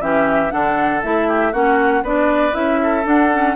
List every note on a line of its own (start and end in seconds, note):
0.00 0.52 E3
0.00 0.50 C#4
0.00 0.53 G4
0.00 0.51 E5
0.50 1.04 D3
0.50 1.01 D4
0.50 1.28 A4
0.50 1.02 F#5
1.03 1.53 A3
1.03 1.53 E4
1.03 1.53 E5
1.28 1.52 G4
1.52 2.03 A#3
1.52 2.04 C#4
1.52 2.03 F#4
1.52 2.04 F#5
2.03 2.54 B3
2.03 2.52 D4
2.03 2.80 B4
2.03 2.55 D5
2.52 3.05 C#4
2.52 3.03 E4
2.52 3.06 E5
2.83 3.56 A4
3.05 3.30 D4
3.05 3.56 D4
3.05 3.56 F#5
3.33 3.56 C#4